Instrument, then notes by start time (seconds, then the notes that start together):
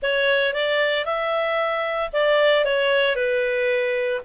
clarinet
0.02 C#5
0.53 D5
1.05 E5
2.12 D5
2.65 C#5
3.15 B4